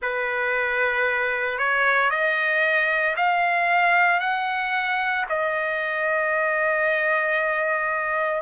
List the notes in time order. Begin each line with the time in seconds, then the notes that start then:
0.01 B4
1.58 C#5
2.10 D#5
3.16 F5
4.20 F#5
5.29 D#5